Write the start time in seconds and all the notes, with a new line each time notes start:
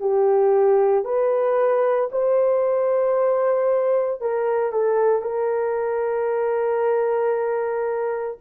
0.00 G4
1.05 B4
2.12 C5
4.22 A#4
4.72 A4
5.22 A#4